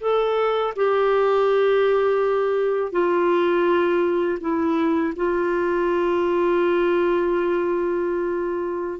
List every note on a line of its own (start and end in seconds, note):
0.00 0.73 A4
0.76 2.92 G4
2.92 4.38 F4
4.40 5.14 E4
5.16 8.99 F4